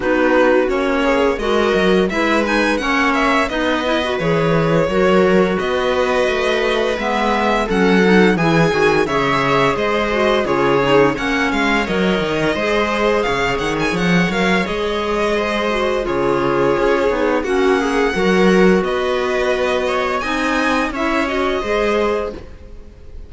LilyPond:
<<
  \new Staff \with { instrumentName = "violin" } { \time 4/4 \tempo 4 = 86 b'4 cis''4 dis''4 e''8 gis''8 | fis''8 e''8 dis''4 cis''2 | dis''2 e''4 fis''4 | gis''4 e''4 dis''4 cis''4 |
fis''8 f''8 dis''2 f''8 fis''16 gis''16 | fis''8 f''8 dis''2 cis''4~ | cis''4 fis''2 dis''4~ | dis''4 gis''4 e''8 dis''4. | }
  \new Staff \with { instrumentName = "viola" } { \time 4/4 fis'4. gis'8 ais'4 b'4 | cis''4 b'2 ais'4 | b'2. a'4 | gis'4 cis''4 c''4 gis'4 |
cis''2 c''4 cis''4~ | cis''2 c''4 gis'4~ | gis'4 fis'8 gis'8 ais'4 b'4~ | b'8 cis''8 dis''4 cis''4 c''4 | }
  \new Staff \with { instrumentName = "clarinet" } { \time 4/4 dis'4 cis'4 fis'4 e'8 dis'8 | cis'4 dis'8 e'16 fis'16 gis'4 fis'4~ | fis'2 b4 cis'8 dis'8 | e'8 fis'8 gis'4. fis'8 f'8 dis'8 |
cis'4 ais'4 gis'2~ | gis'8 ais'8 gis'4. fis'8 f'4~ | f'8 dis'8 cis'4 fis'2~ | fis'4 dis'4 e'8 fis'8 gis'4 | }
  \new Staff \with { instrumentName = "cello" } { \time 4/4 b4 ais4 gis8 fis8 gis4 | ais4 b4 e4 fis4 | b4 a4 gis4 fis4 | e8 dis8 cis4 gis4 cis4 |
ais8 gis8 fis8 dis8 gis4 cis8 dis8 | f8 fis8 gis2 cis4 | cis'8 b8 ais4 fis4 b4~ | b4 c'4 cis'4 gis4 | }
>>